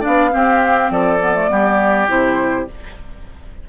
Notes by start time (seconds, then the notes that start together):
0.00 D4 D5 F5
0.06 B3
0.31 C4 G4
0.90 F3 A4 D5
1.20 B3
1.34 A3
1.49 G3 B3 G4
2.08 C3 E4 C5